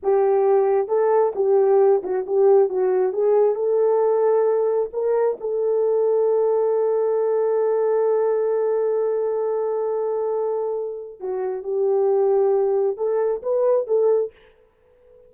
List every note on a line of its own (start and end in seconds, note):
0.02 0.88 G4
0.88 1.32 A4
1.35 2.02 G4
2.03 2.25 F#4
2.26 2.69 G4
2.69 3.12 F#4
3.12 3.55 G#4
3.55 4.89 A4
4.92 5.37 A#4
5.40 11.19 A4
11.19 11.63 F#4
11.63 12.97 G4
12.97 13.42 A4
13.42 13.87 B4
13.87 14.32 A4